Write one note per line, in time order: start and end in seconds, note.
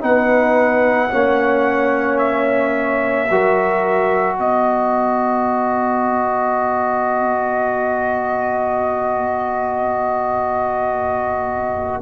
0.00 1.11 B3
0.00 1.09 D#4
0.00 1.11 B4
0.00 2.18 F#5
1.10 3.29 A#3
1.10 3.28 C#4
1.10 3.29 C#5
2.18 4.36 E5
3.29 4.38 F#3
3.29 12.02 F#4
3.29 4.36 A#4
4.36 12.02 B3
4.36 12.00 B4
4.36 12.02 D#5